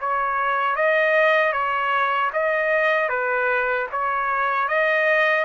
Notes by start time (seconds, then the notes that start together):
0.00 C#5
0.75 D#5
1.52 C#5
2.32 D#5
3.09 B4
3.92 C#5
4.68 D#5